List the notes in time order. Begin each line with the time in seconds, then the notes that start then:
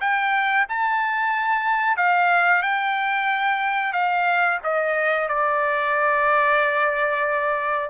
0.00 G5
0.69 A5
1.97 F5
2.62 G5
3.93 F5
4.63 D#5
5.28 D5